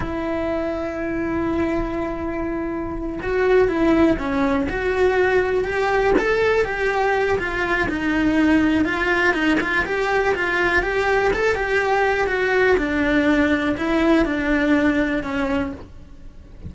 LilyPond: \new Staff \with { instrumentName = "cello" } { \time 4/4 \tempo 4 = 122 e'1~ | e'2~ e'8 fis'4 e'8~ | e'8 cis'4 fis'2 g'8~ | g'8 a'4 g'4. f'4 |
dis'2 f'4 dis'8 f'8 | g'4 f'4 g'4 a'8 g'8~ | g'4 fis'4 d'2 | e'4 d'2 cis'4 | }